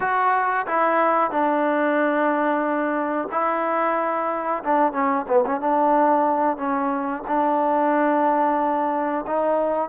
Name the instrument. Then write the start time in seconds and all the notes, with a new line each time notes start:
trombone
0.00 F#4
0.66 E4
1.30 D4
3.31 E4
4.64 D4
4.92 C#4
5.27 B3
5.45 C#4
5.60 D4
6.57 C#4
7.27 D4
9.26 D#4